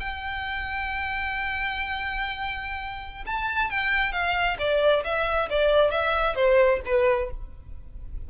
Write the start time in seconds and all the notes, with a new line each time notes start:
0.00 G5
3.26 A5
3.70 G5
4.12 F5
4.59 D5
5.04 E5
5.50 D5
5.91 E5
6.35 C5
6.85 B4